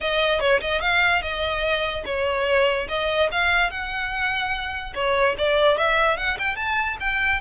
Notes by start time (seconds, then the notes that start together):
0.00 D#5
0.39 C#5
0.60 D#5
0.81 F5
1.22 D#5
2.05 C#5
2.88 D#5
3.31 F5
3.70 F#5
4.94 C#5
5.37 D5
5.77 E5
6.17 F#5
6.38 G5
6.56 A5
7.00 G5